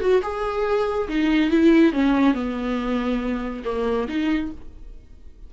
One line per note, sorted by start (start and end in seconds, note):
0.00 0.21 F#4
0.22 1.08 G#4
1.08 1.50 D#4
1.50 1.93 E4
1.93 2.34 C#4
2.34 3.63 B3
3.64 4.07 A#3
4.08 4.51 D#4